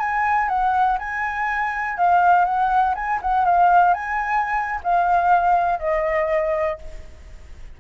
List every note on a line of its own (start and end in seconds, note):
0.00 0.49 G#5
0.49 0.98 F#5
0.99 1.98 G#5
1.98 2.45 F5
2.45 2.95 F#5
2.95 3.20 G#5
3.22 3.45 F#5
3.45 3.94 F5
3.94 4.81 G#5
4.84 5.80 F5
5.80 6.79 D#5